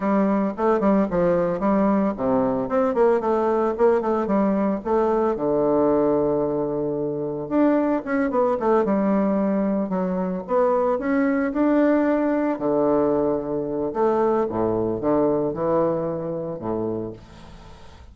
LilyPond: \new Staff \with { instrumentName = "bassoon" } { \time 4/4 \tempo 4 = 112 g4 a8 g8 f4 g4 | c4 c'8 ais8 a4 ais8 a8 | g4 a4 d2~ | d2 d'4 cis'8 b8 |
a8 g2 fis4 b8~ | b8 cis'4 d'2 d8~ | d2 a4 a,4 | d4 e2 a,4 | }